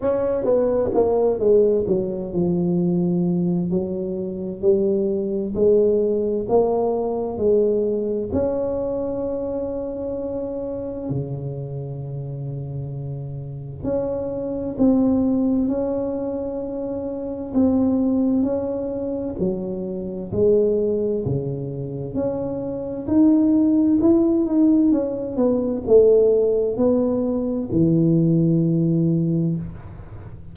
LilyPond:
\new Staff \with { instrumentName = "tuba" } { \time 4/4 \tempo 4 = 65 cis'8 b8 ais8 gis8 fis8 f4. | fis4 g4 gis4 ais4 | gis4 cis'2. | cis2. cis'4 |
c'4 cis'2 c'4 | cis'4 fis4 gis4 cis4 | cis'4 dis'4 e'8 dis'8 cis'8 b8 | a4 b4 e2 | }